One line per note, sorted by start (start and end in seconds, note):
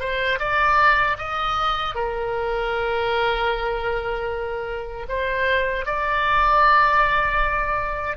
0.00 0.39 C5
0.39 1.17 D5
1.18 1.95 D#5
1.95 5.06 A#4
5.09 5.85 C5
5.85 8.17 D5